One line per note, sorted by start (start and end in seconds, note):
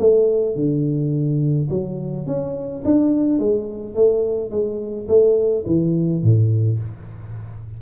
0.00 0.56 A3
0.56 1.69 D3
1.71 2.27 F#3
2.27 2.84 C#4
2.85 3.40 D4
3.40 3.96 G#3
3.96 4.51 A3
4.51 5.08 G#3
5.09 5.65 A3
5.67 6.23 E3
6.23 6.80 A2